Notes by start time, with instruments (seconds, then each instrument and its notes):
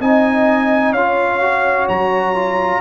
0.00 tuba C4, trombone D#4, horn D#5, trumpet G#5
0.92 tuba C#4, trombone F4, horn C#5, trumpet F5
1.41 trombone F#4
1.88 tuba F#3, trumpet A#5
2.35 trombone F4